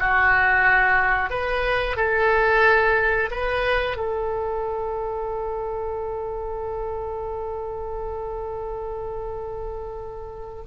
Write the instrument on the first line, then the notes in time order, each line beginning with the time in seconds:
oboe
0.00 F#4
1.30 B4
1.97 A4
3.31 B4
3.97 A4